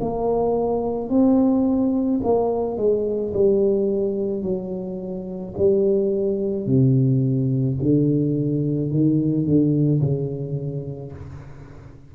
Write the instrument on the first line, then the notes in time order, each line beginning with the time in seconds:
tuba
0.00 A#3
1.09 C4
2.23 A#3
2.77 G#3
3.33 G3
4.42 F#3
5.57 G3
6.66 C3
7.82 D3
8.90 D#3
9.45 D3
10.01 C#3